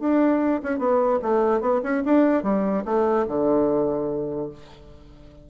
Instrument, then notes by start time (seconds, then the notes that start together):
bassoon
0.00 D4
0.63 C#4
0.79 B3
1.22 A3
1.61 B3
1.83 C#4
2.05 D4
2.43 G3
2.85 A3
3.28 D3